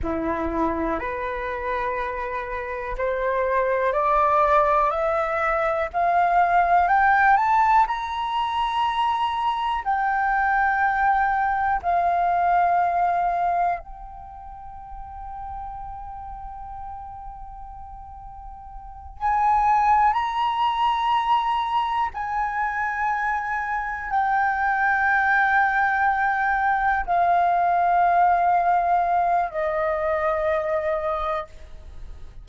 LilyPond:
\new Staff \with { instrumentName = "flute" } { \time 4/4 \tempo 4 = 61 e'4 b'2 c''4 | d''4 e''4 f''4 g''8 a''8 | ais''2 g''2 | f''2 g''2~ |
g''2.~ g''8 gis''8~ | gis''8 ais''2 gis''4.~ | gis''8 g''2. f''8~ | f''2 dis''2 | }